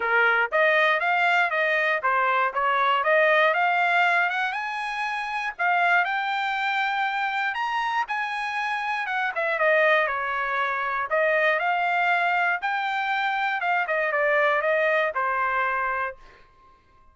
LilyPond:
\new Staff \with { instrumentName = "trumpet" } { \time 4/4 \tempo 4 = 119 ais'4 dis''4 f''4 dis''4 | c''4 cis''4 dis''4 f''4~ | f''8 fis''8 gis''2 f''4 | g''2. ais''4 |
gis''2 fis''8 e''8 dis''4 | cis''2 dis''4 f''4~ | f''4 g''2 f''8 dis''8 | d''4 dis''4 c''2 | }